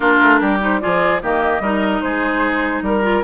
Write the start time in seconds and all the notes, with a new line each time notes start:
0.00 A#3 D4 F4 A#4
0.21 A3
0.40 G3 G4
0.60 D#4 C5
0.80 F3 F4 G#4 D5
1.22 D#3 A#3 G4 D#5
1.60 G3 D#4 A#4
2.01 G#3 G#4 C5
2.82 G3 A#4
3.02 F4